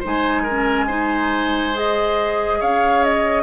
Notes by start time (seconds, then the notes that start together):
0.00 G#3 D#4 C5
0.07 G#5
0.43 A#4
0.51 C#4
0.88 D#4 C5
1.74 G#4 D#5
2.60 C#4 C#5 F5
3.04 D#5